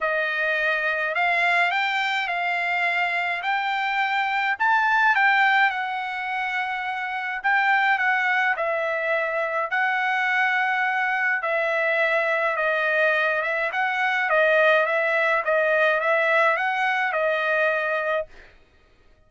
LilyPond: \new Staff \with { instrumentName = "trumpet" } { \time 4/4 \tempo 4 = 105 dis''2 f''4 g''4 | f''2 g''2 | a''4 g''4 fis''2~ | fis''4 g''4 fis''4 e''4~ |
e''4 fis''2. | e''2 dis''4. e''8 | fis''4 dis''4 e''4 dis''4 | e''4 fis''4 dis''2 | }